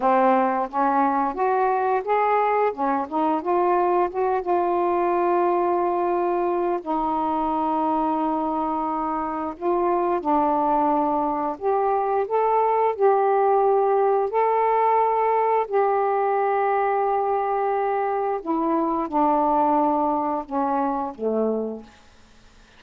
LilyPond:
\new Staff \with { instrumentName = "saxophone" } { \time 4/4 \tempo 4 = 88 c'4 cis'4 fis'4 gis'4 | cis'8 dis'8 f'4 fis'8 f'4.~ | f'2 dis'2~ | dis'2 f'4 d'4~ |
d'4 g'4 a'4 g'4~ | g'4 a'2 g'4~ | g'2. e'4 | d'2 cis'4 a4 | }